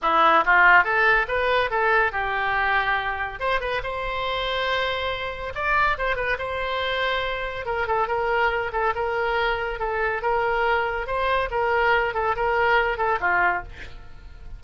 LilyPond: \new Staff \with { instrumentName = "oboe" } { \time 4/4 \tempo 4 = 141 e'4 f'4 a'4 b'4 | a'4 g'2. | c''8 b'8 c''2.~ | c''4 d''4 c''8 b'8 c''4~ |
c''2 ais'8 a'8 ais'4~ | ais'8 a'8 ais'2 a'4 | ais'2 c''4 ais'4~ | ais'8 a'8 ais'4. a'8 f'4 | }